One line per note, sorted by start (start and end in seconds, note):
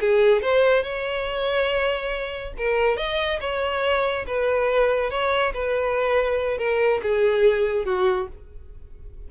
0.00 0.42 G#4
0.42 0.83 C5
0.83 2.53 C#5
2.57 2.97 A#4
2.97 3.39 D#5
3.40 4.25 C#5
4.27 5.10 B4
5.10 5.53 C#5
5.53 6.58 B4
6.58 7.00 A#4
7.02 7.85 G#4
7.85 8.27 F#4